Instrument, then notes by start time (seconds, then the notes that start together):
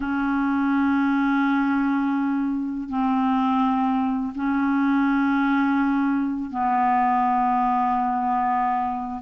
clarinet
0.00 C#4
2.88 C4
4.35 C#4
6.50 B3